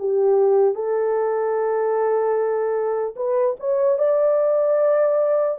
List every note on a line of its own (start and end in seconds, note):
0.00 0.75 G4
0.75 3.15 A4
3.16 3.56 B4
3.60 3.99 C#5
3.99 5.59 D5